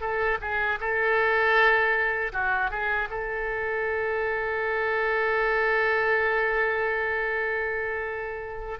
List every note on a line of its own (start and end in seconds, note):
0.00 0.38 A4
0.41 0.79 G#4
0.80 2.32 A4
2.32 2.70 F#4
2.70 3.08 G#4
3.10 8.79 A4